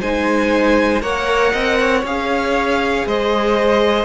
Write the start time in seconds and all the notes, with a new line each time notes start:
0.00 G#3 D#4 C5 G#5
1.01 A#3 A#4 C#5 F#5
1.52 C4 D#5
1.80 C#5
2.03 C#4 G#4 F5
3.06 G#3 C5 D#5